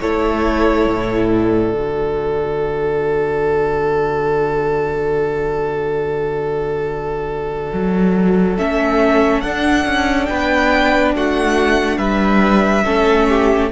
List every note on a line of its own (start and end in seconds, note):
0.00 0.87 A3
0.00 1.73 E4
0.00 10.29 A4
0.00 1.29 C#5
0.87 1.72 A2
1.29 8.57 D5
1.72 7.72 D3
1.72 8.58 F#4
7.73 8.57 F#3
8.57 9.43 A3
8.57 9.44 C#4
8.57 9.41 E5
9.41 9.85 D4
9.41 12.84 D4
9.41 10.26 F#5
9.85 10.28 C#4
10.26 11.14 B3
10.26 11.15 B4
10.26 11.11 G5
11.14 11.97 A3
11.14 11.98 F#4
11.14 11.97 F#5
11.97 12.83 G3
11.97 12.84 B4
11.97 13.69 E5
12.84 13.71 A3
12.84 13.70 C#4
12.84 13.27 A4
13.28 13.71 G4